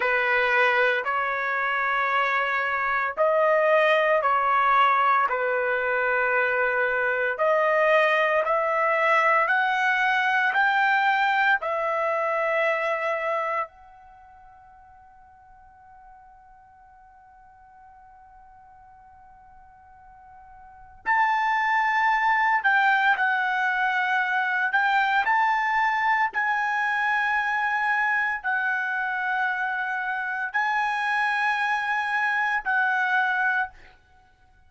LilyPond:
\new Staff \with { instrumentName = "trumpet" } { \time 4/4 \tempo 4 = 57 b'4 cis''2 dis''4 | cis''4 b'2 dis''4 | e''4 fis''4 g''4 e''4~ | e''4 fis''2.~ |
fis''1 | a''4. g''8 fis''4. g''8 | a''4 gis''2 fis''4~ | fis''4 gis''2 fis''4 | }